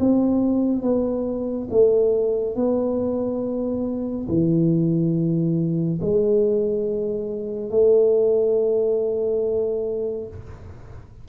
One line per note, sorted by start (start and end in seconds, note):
0.00 0.83 C4
0.83 1.69 B3
1.71 2.56 A3
2.56 4.28 B3
4.29 6.00 E3
6.02 7.71 G#3
7.71 10.28 A3